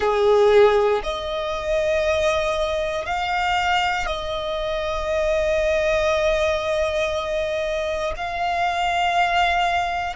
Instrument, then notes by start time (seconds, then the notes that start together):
violin
0.00 G#4
1.03 D#5
3.05 F5
4.06 D#5
8.16 F5